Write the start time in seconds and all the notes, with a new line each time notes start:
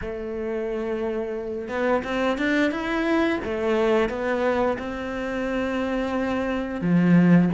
0.01 A3
1.68 B3
2.03 C4
2.38 D4
2.71 E4
3.44 A3
4.09 B3
4.78 C4
6.81 F3